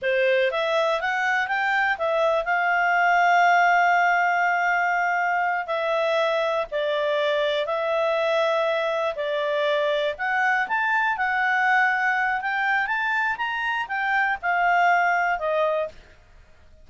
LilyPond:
\new Staff \with { instrumentName = "clarinet" } { \time 4/4 \tempo 4 = 121 c''4 e''4 fis''4 g''4 | e''4 f''2.~ | f''2.~ f''8 e''8~ | e''4. d''2 e''8~ |
e''2~ e''8 d''4.~ | d''8 fis''4 a''4 fis''4.~ | fis''4 g''4 a''4 ais''4 | g''4 f''2 dis''4 | }